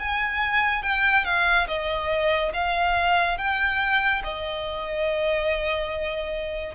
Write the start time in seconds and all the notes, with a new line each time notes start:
0.00 G#5
0.83 G5
1.25 F5
1.68 D#5
2.54 F5
3.38 G5
4.24 D#5